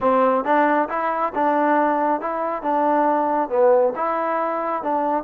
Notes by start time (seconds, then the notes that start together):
0.00 C4
0.44 D4
0.89 E4
1.34 D4
2.20 E4
2.62 D4
3.49 B3
3.95 E4
4.83 D4